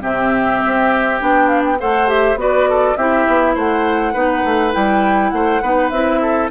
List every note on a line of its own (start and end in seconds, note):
0.00 0.60 C3
0.00 1.18 C4
0.00 1.78 G4
0.00 1.20 E5
0.65 1.21 C4
1.19 1.80 B3
1.19 1.77 D4
1.19 1.47 G5
1.47 1.62 F5
1.64 1.79 G5
1.79 2.35 A3
1.79 2.07 A4
1.79 2.38 C5
1.79 2.09 F#5
2.07 2.37 G4
2.07 2.38 E5
2.35 2.94 B3
2.35 2.96 F#4
2.35 2.69 B4
2.35 2.96 D5
2.69 2.97 A4
2.96 3.26 C4
2.96 4.13 E4
2.96 3.54 G4
2.96 3.55 E5
3.27 3.56 B3
3.54 4.14 A3
3.54 4.13 C5
3.54 4.73 F#5
4.13 4.43 B3
4.13 4.71 D#4
4.13 5.30 B4
4.44 4.73 A3
4.71 5.32 G3
4.71 5.60 E4
4.71 5.30 G5
5.30 5.61 A3
5.30 5.62 C5
5.30 5.89 F#5
5.61 5.91 B3
5.61 5.92 D#4
5.61 6.21 B4
5.89 6.50 C4
5.89 6.50 E4
5.89 6.48 E5
6.21 6.50 A4